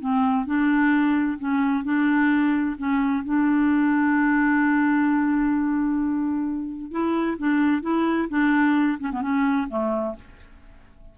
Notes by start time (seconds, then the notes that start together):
0.00 C4
0.46 D4
1.39 C#4
1.84 D4
2.78 C#4
3.24 D4
6.91 E4
7.38 D4
7.82 E4
8.30 D4
9.00 C#4
9.12 B3
9.22 C#4
9.69 A3